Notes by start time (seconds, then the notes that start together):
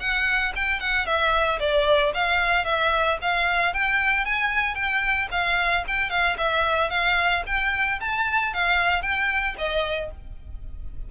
0.00 F#5
0.56 G5
0.80 F#5
1.06 E5
1.60 D5
2.14 F5
2.65 E5
3.21 F5
3.74 G5
4.25 G#5
4.75 G5
5.31 F5
5.87 G5
6.10 F5
6.38 E5
6.90 F5
7.46 G5
8.01 A5
8.54 F5
9.02 G5
9.58 D#5